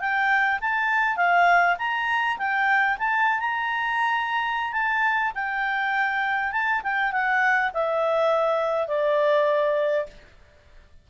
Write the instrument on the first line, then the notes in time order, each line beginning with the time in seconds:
clarinet
0.00 G5
0.61 A5
1.17 F5
1.78 A#5
2.38 G5
2.98 A5
3.40 A#5
4.73 A5
5.35 G5
6.52 A5
6.83 G5
7.12 F#5
7.73 E5
8.88 D5